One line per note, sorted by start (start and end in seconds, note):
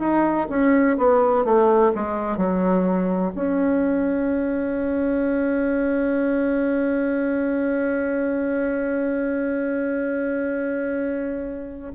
0.00 0.48 D#4
0.50 0.97 C#4
0.98 1.45 B3
1.45 1.93 A3
1.96 2.38 G#3
2.38 3.33 F#3
3.35 11.93 C#4